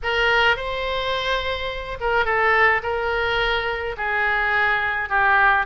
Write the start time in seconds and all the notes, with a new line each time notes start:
0.02 A#4
0.56 C5
2.00 A#4
2.25 A4
2.83 A#4
3.97 G#4
5.09 G4